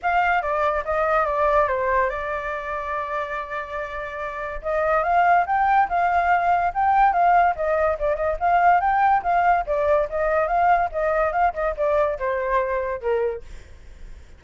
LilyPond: \new Staff \with { instrumentName = "flute" } { \time 4/4 \tempo 4 = 143 f''4 d''4 dis''4 d''4 | c''4 d''2.~ | d''2. dis''4 | f''4 g''4 f''2 |
g''4 f''4 dis''4 d''8 dis''8 | f''4 g''4 f''4 d''4 | dis''4 f''4 dis''4 f''8 dis''8 | d''4 c''2 ais'4 | }